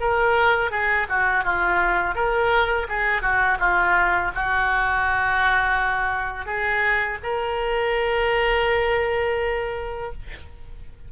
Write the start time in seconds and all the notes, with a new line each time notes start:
0.00 A#4
0.71 G#4
1.09 F#4
1.44 F4
2.15 A#4
2.88 G#4
3.21 F#4
3.59 F4
4.35 F#4
6.46 G#4
7.23 A#4